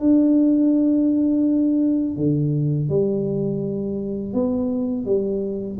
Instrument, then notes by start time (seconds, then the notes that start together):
tuba
0.00 D4
2.17 D3
2.89 G3
4.34 B3
5.06 G3